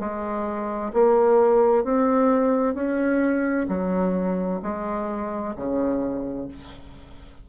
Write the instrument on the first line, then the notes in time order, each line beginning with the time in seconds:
bassoon
0.00 G#3
0.94 A#3
1.85 C4
2.75 C#4
3.69 F#3
4.63 G#3
5.56 C#3